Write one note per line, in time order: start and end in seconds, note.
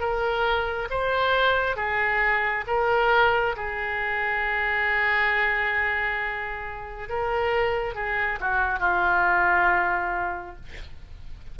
0.00 0.88 A#4
0.90 1.76 C5
1.76 2.64 G#4
2.67 3.55 A#4
3.56 7.09 G#4
7.09 7.95 A#4
7.95 8.39 G#4
8.40 8.80 F#4
8.80 10.56 F4